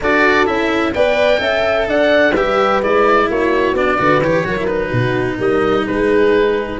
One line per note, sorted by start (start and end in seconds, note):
0.00 0.47 D4
0.00 0.46 F#4
0.00 0.94 A4
0.00 0.46 D5
0.46 0.94 C#4
0.46 0.93 E4
0.46 0.93 E5
0.93 1.39 B3
0.93 1.37 B4
0.93 1.41 D5
0.93 1.87 G5
1.37 1.86 C#4
1.37 2.31 A4
1.37 1.87 E5
1.86 2.33 D4
1.86 2.32 D5
1.86 2.35 F#5
2.32 2.81 G3
2.32 2.82 G4
2.32 3.26 B4
2.32 2.81 E5
2.82 3.29 G#3
2.82 3.76 E4
2.82 3.30 D5
3.28 3.73 A#3
3.28 3.98 F#4
3.28 3.76 C#5
3.73 3.96 B3
3.73 3.98 D4
3.73 4.22 D5
3.98 4.19 D3
3.98 4.21 F#4
3.98 4.45 B4
4.19 4.43 E3
4.19 4.44 G4
4.19 4.66 C#5
4.44 4.91 F#3
4.44 4.56 F#4
4.44 4.88 A#4
4.57 4.67 E4
4.66 6.78 D#4
4.66 5.36 B4
4.88 5.38 B2
4.88 5.35 F#4
5.37 5.86 G3
5.37 5.84 A#4
5.37 5.86 D#5
5.85 6.80 G#3
5.85 6.79 G#4
5.85 6.80 B4